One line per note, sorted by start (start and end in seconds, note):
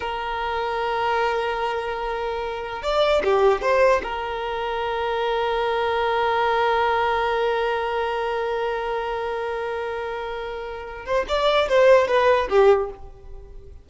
0.00 2.82 A#4
2.82 3.22 D5
3.24 3.61 G4
3.61 4.01 C5
4.03 11.05 A#4
11.05 11.25 C5
11.28 11.68 D5
11.69 12.07 C5
12.07 12.47 B4
12.49 12.89 G4